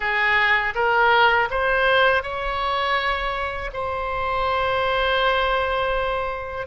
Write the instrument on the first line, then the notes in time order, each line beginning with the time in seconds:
oboe
0.00 G#4
0.74 A#4
1.50 C5
2.22 C#5
3.73 C5